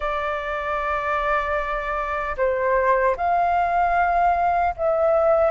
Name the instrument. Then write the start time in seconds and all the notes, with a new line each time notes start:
flute
0.00 D5
2.37 C5
3.16 F5
4.76 E5